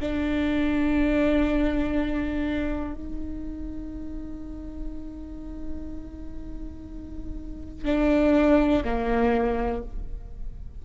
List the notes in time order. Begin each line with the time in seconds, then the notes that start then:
0.00 D4
2.95 D#4
7.86 D4
8.84 A#3